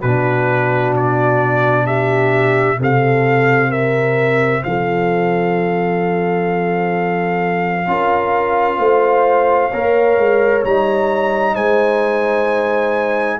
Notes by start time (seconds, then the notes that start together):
0.00 B2 F#4 B4
0.07 D4
0.97 D5
1.86 G4 E5
2.76 C3 C4 A4
2.83 F5
3.69 A#4 E5
4.63 F3 A4 F5
7.87 C#4 F4 A#4
8.78 A3 C5
9.69 A#3 A#4 C#5
10.17 G#3
10.64 G3 D#4 A#5
11.54 G#3 C5 G#5